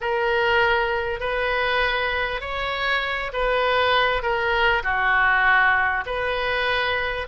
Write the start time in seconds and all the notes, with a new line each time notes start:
0.00 A#4
1.20 B4
2.40 C#5
3.33 B4
4.22 A#4
4.83 F#4
6.06 B4